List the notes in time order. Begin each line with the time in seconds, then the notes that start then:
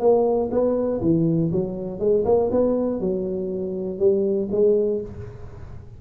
0.00 A#3
0.51 B3
1.01 E3
1.52 F#3
2.00 G#3
2.25 A#3
2.51 B3
3.00 F#3
3.99 G3
4.51 G#3